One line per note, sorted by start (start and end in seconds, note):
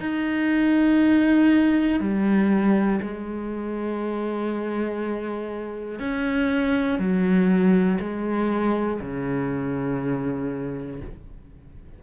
0.00 2.00 D#4
2.00 3.00 G3
3.01 5.99 G#3
5.99 6.98 C#4
6.98 7.98 F#3
8.00 9.00 G#3
9.00 11.00 C#3